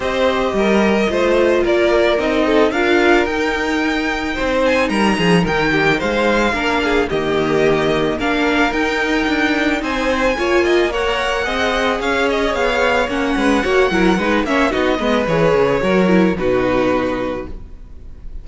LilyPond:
<<
  \new Staff \with { instrumentName = "violin" } { \time 4/4 \tempo 4 = 110 dis''2. d''4 | dis''4 f''4 g''2~ | g''8 gis''8 ais''4 g''4 f''4~ | f''4 dis''2 f''4 |
g''2 gis''2 | fis''2 f''8 dis''8 f''4 | fis''2~ fis''8 e''8 dis''4 | cis''2 b'2 | }
  \new Staff \with { instrumentName = "violin" } { \time 4/4 c''4 ais'4 c''4 ais'4~ | ais'8 a'8 ais'2. | c''4 ais'8 gis'8 ais'8 g'8 c''4 | ais'8 gis'8 g'2 ais'4~ |
ais'2 c''4 cis''8 dis''8 | cis''4 dis''4 cis''2~ | cis''8 b'8 cis''8 ais'8 b'8 cis''8 fis'8 b'8~ | b'4 ais'4 fis'2 | }
  \new Staff \with { instrumentName = "viola" } { \time 4/4 g'2 f'2 | dis'4 f'4 dis'2~ | dis'1 | d'4 ais2 d'4 |
dis'2. f'4 | ais'4 gis'2. | cis'4 fis'8 e'8 dis'8 cis'8 dis'8 b8 | gis'4 fis'8 e'8 dis'2 | }
  \new Staff \with { instrumentName = "cello" } { \time 4/4 c'4 g4 a4 ais4 | c'4 d'4 dis'2 | c'4 g8 f8 dis4 gis4 | ais4 dis2 ais4 |
dis'4 d'4 c'4 ais4~ | ais4 c'4 cis'4 b4 | ais8 gis8 ais8 fis8 gis8 ais8 b8 gis8 | e8 cis8 fis4 b,2 | }
>>